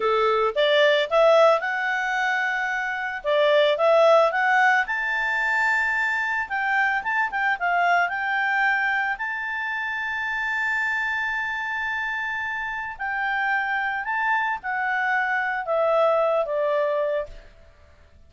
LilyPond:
\new Staff \with { instrumentName = "clarinet" } { \time 4/4 \tempo 4 = 111 a'4 d''4 e''4 fis''4~ | fis''2 d''4 e''4 | fis''4 a''2. | g''4 a''8 g''8 f''4 g''4~ |
g''4 a''2.~ | a''1 | g''2 a''4 fis''4~ | fis''4 e''4. d''4. | }